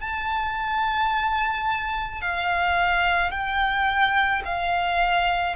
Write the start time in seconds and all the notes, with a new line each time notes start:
0.00 A5
2.21 F5
3.31 G5
4.45 F5